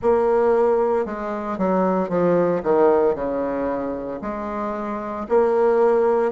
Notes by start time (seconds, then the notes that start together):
0.01 A#3
1.05 G#3
1.58 F#3
2.09 F3
2.63 D#3
3.15 C#3
4.21 G#3
5.29 A#3